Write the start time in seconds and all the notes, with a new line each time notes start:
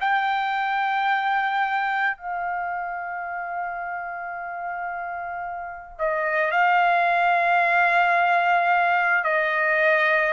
0.00 G5
2.17 F5
5.99 D#5
6.51 F5
9.24 D#5